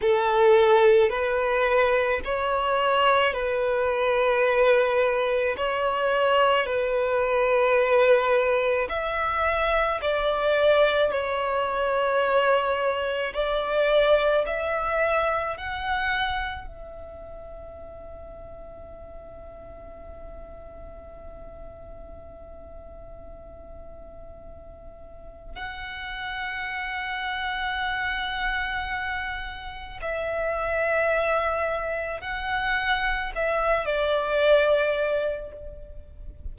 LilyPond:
\new Staff \with { instrumentName = "violin" } { \time 4/4 \tempo 4 = 54 a'4 b'4 cis''4 b'4~ | b'4 cis''4 b'2 | e''4 d''4 cis''2 | d''4 e''4 fis''4 e''4~ |
e''1~ | e''2. fis''4~ | fis''2. e''4~ | e''4 fis''4 e''8 d''4. | }